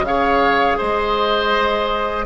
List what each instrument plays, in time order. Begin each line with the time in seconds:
0.00 bassoon C#3, clarinet G#4, flute F5
0.07 oboe C#5
0.77 bassoon G#3, oboe C5, flute D#5